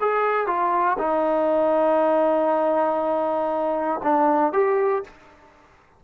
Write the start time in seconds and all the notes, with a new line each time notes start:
0.00 G#4
0.47 F4
0.98 D#4
4.03 D4
4.53 G4